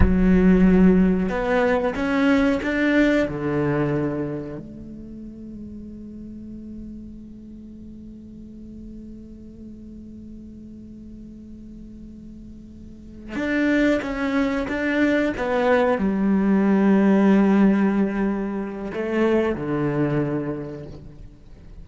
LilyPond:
\new Staff \with { instrumentName = "cello" } { \time 4/4 \tempo 4 = 92 fis2 b4 cis'4 | d'4 d2 a4~ | a1~ | a1~ |
a1~ | a8 d'4 cis'4 d'4 b8~ | b8 g2.~ g8~ | g4 a4 d2 | }